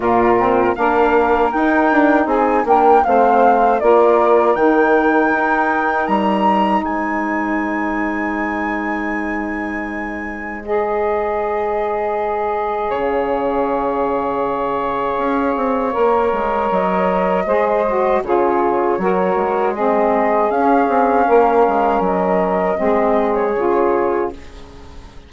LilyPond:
<<
  \new Staff \with { instrumentName = "flute" } { \time 4/4 \tempo 4 = 79 ais'4 f''4 g''4 gis''8 g''8 | f''4 d''4 g''2 | ais''4 gis''2.~ | gis''2 dis''2~ |
dis''4 f''2.~ | f''2 dis''2 | cis''2 dis''4 f''4~ | f''4 dis''4.~ dis''16 cis''4~ cis''16 | }
  \new Staff \with { instrumentName = "saxophone" } { \time 4/4 f'4 ais'2 gis'8 ais'8 | c''4 ais'2.~ | ais'4 c''2.~ | c''1~ |
c''4 cis''2.~ | cis''2. c''4 | gis'4 ais'4 gis'2 | ais'2 gis'2 | }
  \new Staff \with { instrumentName = "saxophone" } { \time 4/4 ais8 c'8 d'4 dis'4. d'8 | c'4 f'4 dis'2~ | dis'1~ | dis'2 gis'2~ |
gis'1~ | gis'4 ais'2 gis'8 fis'8 | f'4 fis'4 c'4 cis'4~ | cis'2 c'4 f'4 | }
  \new Staff \with { instrumentName = "bassoon" } { \time 4/4 ais,4 ais4 dis'8 d'8 c'8 ais8 | a4 ais4 dis4 dis'4 | g4 gis2.~ | gis1~ |
gis4 cis2. | cis'8 c'8 ais8 gis8 fis4 gis4 | cis4 fis8 gis4. cis'8 c'8 | ais8 gis8 fis4 gis4 cis4 | }
>>